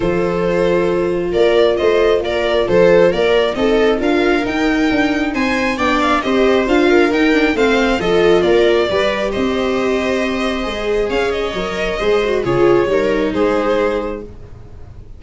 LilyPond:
<<
  \new Staff \with { instrumentName = "violin" } { \time 4/4 \tempo 4 = 135 c''2. d''4 | dis''4 d''4 c''4 d''4 | dis''4 f''4 g''2 | gis''4 g''8 f''8 dis''4 f''4 |
g''4 f''4 dis''4 d''4~ | d''4 dis''2.~ | dis''4 f''8 dis''2~ dis''8 | cis''2 c''2 | }
  \new Staff \with { instrumentName = "viola" } { \time 4/4 a'2. ais'4 | c''4 ais'4 a'4 ais'4 | a'4 ais'2. | c''4 d''4 c''4. ais'8~ |
ais'4 c''4 a'4 ais'4 | b'4 c''2.~ | c''4 cis''2 c''4 | gis'4 ais'4 gis'2 | }
  \new Staff \with { instrumentName = "viola" } { \time 4/4 f'1~ | f'1 | dis'4 f'4 dis'2~ | dis'4 d'4 g'4 f'4 |
dis'8 d'8 c'4 f'2 | g'1 | gis'2 ais'4 gis'8 fis'8 | f'4 dis'2. | }
  \new Staff \with { instrumentName = "tuba" } { \time 4/4 f2. ais4 | a4 ais4 f4 ais4 | c'4 d'4 dis'4 d'4 | c'4 b4 c'4 d'4 |
dis'4 a4 f4 ais4 | g4 c'2. | gis4 cis'4 fis4 gis4 | cis4 g4 gis2 | }
>>